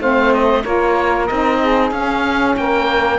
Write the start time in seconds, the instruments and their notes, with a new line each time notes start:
0.00 cello A3, saxophone C4 C5, oboe F5
0.34 oboe D#5
0.63 cello A#3, saxophone F4 A#4, oboe C#5
1.27 cello C4, saxophone D#4, oboe D#5
1.62 saxophone G#4
1.92 cello C#4, saxophone C#4, oboe F5
2.57 cello A#3, saxophone A#4, oboe G5